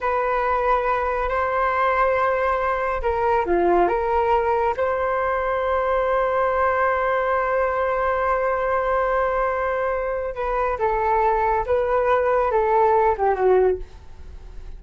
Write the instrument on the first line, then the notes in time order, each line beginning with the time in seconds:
flute
0.00 B4
1.28 C5
3.02 A#4
3.45 F4
3.88 A#4
4.76 C5
10.35 B4
10.78 A4
11.65 B4
12.51 A4
13.17 G4
13.35 F#4